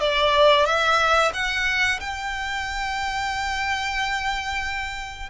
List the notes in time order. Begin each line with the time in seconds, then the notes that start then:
0.00 D5
0.65 E5
1.33 F#5
2.00 G5